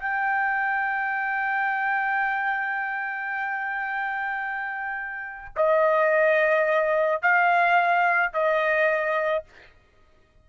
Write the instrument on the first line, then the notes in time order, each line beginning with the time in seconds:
trumpet
0.00 G5
5.57 D#5
7.22 F5
8.34 D#5